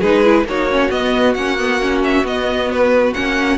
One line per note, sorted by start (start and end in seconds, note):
0.00 0.44 G#3
0.00 0.23 D#4
0.00 0.45 G#4
0.00 0.46 B4
0.23 0.45 E4
0.44 0.89 A#3
0.44 0.70 D#4
0.44 3.57 F#4
0.44 0.90 C#5
0.70 0.90 C#4
0.90 1.35 B3
0.90 1.33 D#5
1.33 2.23 A#3
1.33 1.58 C#4
1.33 2.01 F#5
1.58 1.80 B3
1.81 2.24 C#4
2.03 2.26 E5
2.23 3.12 B3
2.23 3.14 B3
2.23 2.71 D#5
2.71 3.13 B4
3.13 3.57 A#3
3.13 3.57 C#4
3.13 3.57 F#5